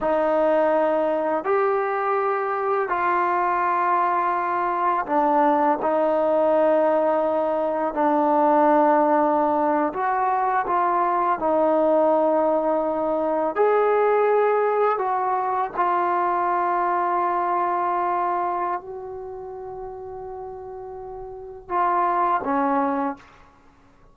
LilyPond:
\new Staff \with { instrumentName = "trombone" } { \time 4/4 \tempo 4 = 83 dis'2 g'2 | f'2. d'4 | dis'2. d'4~ | d'4.~ d'16 fis'4 f'4 dis'16~ |
dis'2~ dis'8. gis'4~ gis'16~ | gis'8. fis'4 f'2~ f'16~ | f'2 fis'2~ | fis'2 f'4 cis'4 | }